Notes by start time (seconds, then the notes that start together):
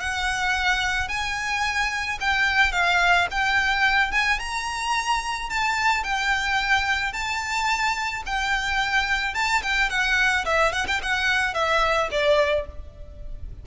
0.00 F#5
1.08 G#5
2.20 G5
2.72 F5
3.31 G5
4.11 G#5
4.39 A#5
5.50 A5
6.04 G5
7.13 A5
8.26 G5
9.34 A5
9.63 G5
9.90 F#5
10.45 E5
10.72 F#5
10.87 G5
11.02 F#5
11.54 E5
12.11 D5